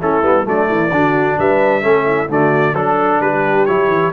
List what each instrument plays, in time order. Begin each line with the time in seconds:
0.00 tuba A3, trombone C#4, horn E4, trumpet A4
0.22 tuba G3, trombone B3
0.45 tuba F#3, trombone A3, horn D4, trumpet D5
0.67 tuba E3, horn E4
0.92 tuba D3, trombone D4, horn F#4
1.38 tuba G3, horn B4, trumpet E5
1.82 tuba A3, trombone C#4, horn A4
2.06 horn E4
2.29 tuba D3, trombone A3, horn F#4, trumpet D5
2.74 tuba F#3, trombone D4, trumpet A4, horn A4
3.21 tuba G3, horn G4, trumpet B4
3.66 tuba F#3, trombone E4, trumpet C#5
3.88 tuba E3